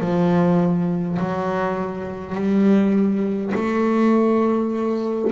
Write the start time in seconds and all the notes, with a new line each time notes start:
0.00 F3
1.19 F#3
2.35 G3
3.55 A3